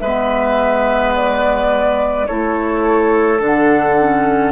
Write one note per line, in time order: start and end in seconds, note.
0.00 2.28 G#3
0.00 2.29 B3
0.00 2.28 B4
0.00 1.13 E5
1.15 2.27 D5
2.27 3.40 A3
2.27 3.38 E4
2.27 4.52 A4
2.27 3.40 C#5
3.38 4.52 D3
3.38 3.95 D4
3.45 4.52 F#5
4.00 4.52 C#4